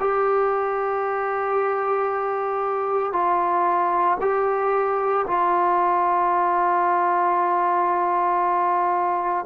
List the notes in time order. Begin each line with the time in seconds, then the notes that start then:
0.00 G4
3.13 F4
4.21 G4
5.27 F4